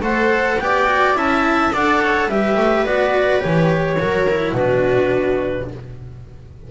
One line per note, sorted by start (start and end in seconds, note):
0.00 0.57 A3
0.00 0.59 A4
0.00 0.59 C5
0.00 0.59 F#5
0.59 1.15 B3
0.59 0.86 G4
0.59 1.18 D5
0.59 1.16 G5
0.86 1.14 F#4
1.14 1.71 C#4
1.14 1.71 E4
1.14 1.73 E5
1.14 1.73 A5
1.73 2.27 D4
1.73 2.30 A4
1.73 2.01 D5
1.73 2.29 F#5
2.03 2.28 C#5
2.27 2.56 G3
2.27 2.86 G4
2.27 3.98 B4
2.27 2.86 E5
2.56 2.85 A3
2.86 3.43 B3
2.86 3.40 F#4
2.86 3.41 D5
3.40 4.01 E3
3.40 3.96 G4
3.40 4.54 C#5
3.99 4.52 F#3
3.99 4.27 F#4
3.99 4.54 A#4
4.29 4.57 E4
4.52 5.65 B2
4.52 5.70 D4
4.52 5.67 F#4
4.52 5.68 B4